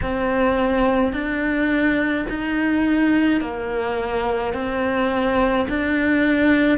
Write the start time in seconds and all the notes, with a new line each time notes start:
0.02 C4
1.12 D4
2.29 D#4
3.40 A#3
4.53 C4
5.69 D4